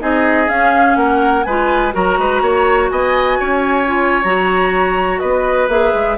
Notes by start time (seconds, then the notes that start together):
0.00 C4 D#4 G#4 D#5
0.48 C#4 F5
0.96 A#3 A#4 F#5
1.44 G#3 F4 B4 G#5
1.92 F#3 F#4 A#4 A#5
2.18 G#3 B4
2.42 A#3 C#5
2.90 B3 D#5 G#5
3.39 C#4 C#5
3.87 F4
4.23 F#3 F#4 A#5
5.19 B3 B4 D#5
5.68 A#3 G#4 E5
5.94 G#3